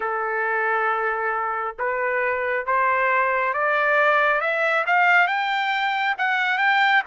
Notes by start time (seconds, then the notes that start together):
0.00 A4
1.78 B4
2.66 C5
3.53 D5
4.40 E5
4.86 F5
5.27 G5
6.18 F#5
6.58 G5